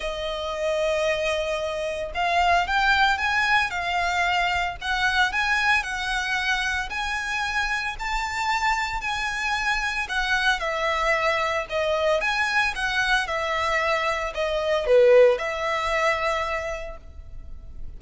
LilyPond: \new Staff \with { instrumentName = "violin" } { \time 4/4 \tempo 4 = 113 dis''1 | f''4 g''4 gis''4 f''4~ | f''4 fis''4 gis''4 fis''4~ | fis''4 gis''2 a''4~ |
a''4 gis''2 fis''4 | e''2 dis''4 gis''4 | fis''4 e''2 dis''4 | b'4 e''2. | }